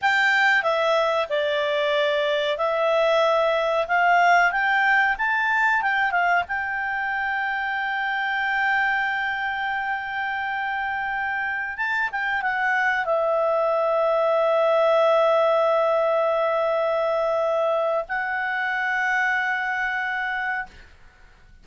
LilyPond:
\new Staff \with { instrumentName = "clarinet" } { \time 4/4 \tempo 4 = 93 g''4 e''4 d''2 | e''2 f''4 g''4 | a''4 g''8 f''8 g''2~ | g''1~ |
g''2~ g''16 a''8 g''8 fis''8.~ | fis''16 e''2.~ e''8.~ | e''1 | fis''1 | }